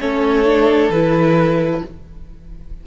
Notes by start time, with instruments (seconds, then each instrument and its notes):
0.00 cello A3, viola C#4, violin A4 C#5
0.45 viola D4
0.89 cello E3, viola E4, violin B4